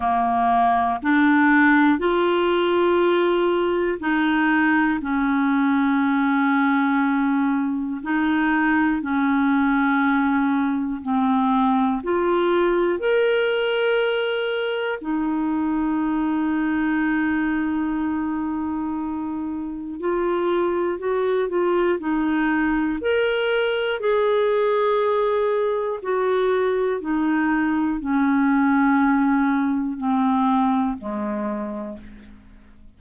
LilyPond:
\new Staff \with { instrumentName = "clarinet" } { \time 4/4 \tempo 4 = 60 ais4 d'4 f'2 | dis'4 cis'2. | dis'4 cis'2 c'4 | f'4 ais'2 dis'4~ |
dis'1 | f'4 fis'8 f'8 dis'4 ais'4 | gis'2 fis'4 dis'4 | cis'2 c'4 gis4 | }